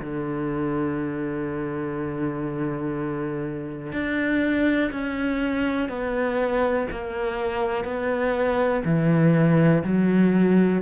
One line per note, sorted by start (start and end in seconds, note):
0.00 3.92 D3
3.92 4.90 D4
4.91 5.88 C#4
5.88 6.87 B3
6.91 7.84 A#3
7.84 8.83 B3
8.84 9.83 E3
9.83 10.81 F#3